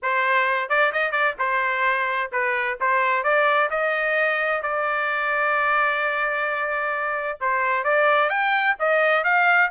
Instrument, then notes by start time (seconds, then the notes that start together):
trumpet
0.02 C5
0.69 D5
0.92 D#5
1.11 D5
1.38 C5
2.31 B4
2.80 C5
3.23 D5
3.70 D#5
4.62 D5
7.40 C5
7.84 D5
8.29 G5
8.79 D#5
9.24 F5